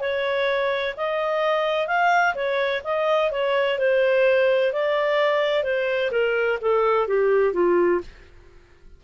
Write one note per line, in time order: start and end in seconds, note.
0.00 0.94 C#5
0.97 1.87 D#5
1.87 2.34 F5
2.35 2.82 C#5
2.84 3.31 D#5
3.31 3.78 C#5
3.79 4.73 C5
4.73 5.64 D5
5.64 6.11 C5
6.11 6.59 A#4
6.61 7.08 A4
7.08 7.54 G4
7.54 8.01 F4